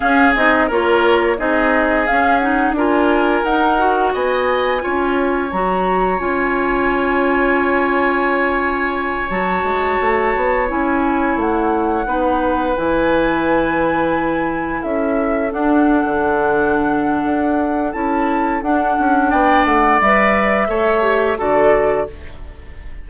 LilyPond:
<<
  \new Staff \with { instrumentName = "flute" } { \time 4/4 \tempo 4 = 87 f''8 dis''8 cis''4 dis''4 f''8 fis''8 | gis''4 fis''4 gis''2 | ais''4 gis''2.~ | gis''4. a''2 gis''8~ |
gis''8 fis''2 gis''4.~ | gis''4. e''4 fis''4.~ | fis''2 a''4 fis''4 | g''8 fis''8 e''2 d''4 | }
  \new Staff \with { instrumentName = "oboe" } { \time 4/4 gis'4 ais'4 gis'2 | ais'2 dis''4 cis''4~ | cis''1~ | cis''1~ |
cis''4. b'2~ b'8~ | b'4. a'2~ a'8~ | a'1 | d''2 cis''4 a'4 | }
  \new Staff \with { instrumentName = "clarinet" } { \time 4/4 cis'8 dis'8 f'4 dis'4 cis'8 dis'8 | f'4 dis'8 fis'4. f'4 | fis'4 f'2.~ | f'4. fis'2 e'8~ |
e'4. dis'4 e'4.~ | e'2~ e'8 d'4.~ | d'2 e'4 d'4~ | d'4 b'4 a'8 g'8 fis'4 | }
  \new Staff \with { instrumentName = "bassoon" } { \time 4/4 cis'8 c'8 ais4 c'4 cis'4 | d'4 dis'4 b4 cis'4 | fis4 cis'2.~ | cis'4. fis8 gis8 a8 b8 cis'8~ |
cis'8 a4 b4 e4.~ | e4. cis'4 d'8. d8.~ | d4 d'4 cis'4 d'8 cis'8 | b8 a8 g4 a4 d4 | }
>>